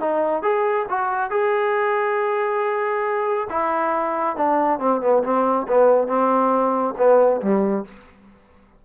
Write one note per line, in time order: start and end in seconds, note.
0.00 0.42 D#4
0.42 0.86 G#4
0.89 1.30 F#4
1.30 3.48 G#4
3.50 4.36 E4
4.36 4.79 D4
4.79 5.01 C4
5.01 5.23 B3
5.23 5.67 C4
5.68 6.08 B3
6.08 6.94 C4
6.98 7.41 B3
7.41 7.85 G3